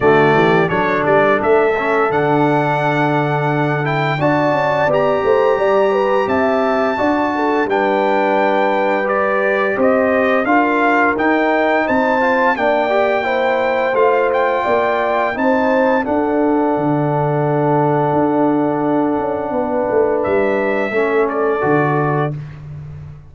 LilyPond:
<<
  \new Staff \with { instrumentName = "trumpet" } { \time 4/4 \tempo 4 = 86 d''4 cis''8 d''8 e''4 fis''4~ | fis''4. g''8 a''4 ais''4~ | ais''4 a''2 g''4~ | g''4 d''4 dis''4 f''4 |
g''4 a''4 g''2 | f''8 g''4. a''4 fis''4~ | fis''1~ | fis''4 e''4. d''4. | }
  \new Staff \with { instrumentName = "horn" } { \time 4/4 fis'8 g'8 a'2.~ | a'2 d''4. c''8 | d''8 b'8 e''4 d''8 a'8 b'4~ | b'2 c''4 ais'4~ |
ais'4 c''4 d''4 c''4~ | c''4 d''4 c''4 a'4~ | a'1 | b'2 a'2 | }
  \new Staff \with { instrumentName = "trombone" } { \time 4/4 a4 d'4. cis'8 d'4~ | d'4. e'8 fis'4 g'4~ | g'2 fis'4 d'4~ | d'4 g'2 f'4 |
dis'4. f'8 d'8 g'8 e'4 | f'2 dis'4 d'4~ | d'1~ | d'2 cis'4 fis'4 | }
  \new Staff \with { instrumentName = "tuba" } { \time 4/4 d8 e8 fis8 g8 a4 d4~ | d2 d'8 cis'8 b8 a8 | g4 c'4 d'4 g4~ | g2 c'4 d'4 |
dis'4 c'4 ais2 | a4 ais4 c'4 d'4 | d2 d'4. cis'8 | b8 a8 g4 a4 d4 | }
>>